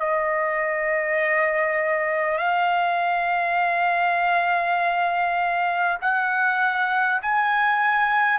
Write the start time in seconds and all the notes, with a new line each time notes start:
0.00 D#5
2.38 F5
6.01 F#5
7.22 G#5